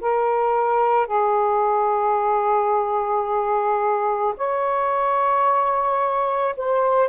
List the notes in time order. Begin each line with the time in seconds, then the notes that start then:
0.00 A#4
1.06 G#4
4.36 C#5
6.56 C5